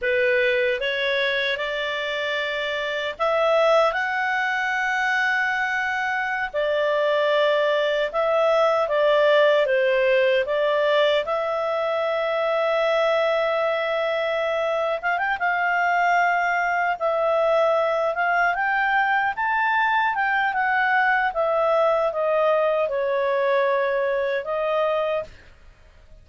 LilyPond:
\new Staff \with { instrumentName = "clarinet" } { \time 4/4 \tempo 4 = 76 b'4 cis''4 d''2 | e''4 fis''2.~ | fis''16 d''2 e''4 d''8.~ | d''16 c''4 d''4 e''4.~ e''16~ |
e''2. f''16 g''16 f''8~ | f''4. e''4. f''8 g''8~ | g''8 a''4 g''8 fis''4 e''4 | dis''4 cis''2 dis''4 | }